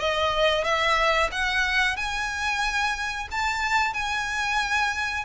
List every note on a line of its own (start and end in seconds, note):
0.00 0.64 D#5
0.64 1.30 E5
1.32 1.97 F#5
1.97 3.28 G#5
3.31 3.94 A5
3.94 5.25 G#5